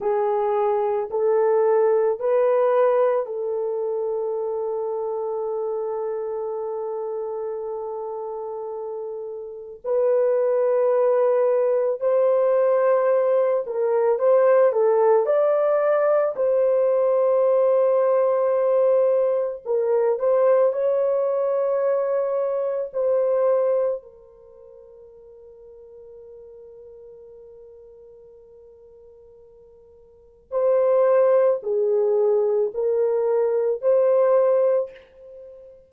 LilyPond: \new Staff \with { instrumentName = "horn" } { \time 4/4 \tempo 4 = 55 gis'4 a'4 b'4 a'4~ | a'1~ | a'4 b'2 c''4~ | c''8 ais'8 c''8 a'8 d''4 c''4~ |
c''2 ais'8 c''8 cis''4~ | cis''4 c''4 ais'2~ | ais'1 | c''4 gis'4 ais'4 c''4 | }